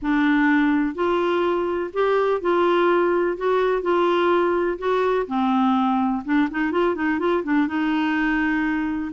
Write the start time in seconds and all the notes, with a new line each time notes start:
0.01 D4
0.94 F4
1.93 G4
2.41 F4
3.37 F#4
3.82 F4
4.78 F#4
5.27 C4
6.24 D4
6.50 D#4
6.71 F4
6.95 D#4
7.19 F4
7.43 D4
7.67 D#4